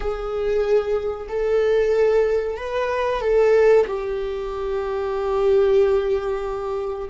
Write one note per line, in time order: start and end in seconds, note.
0.00 1.27 G#4
1.28 2.56 A4
2.56 3.21 B4
3.21 3.85 A4
3.86 7.09 G4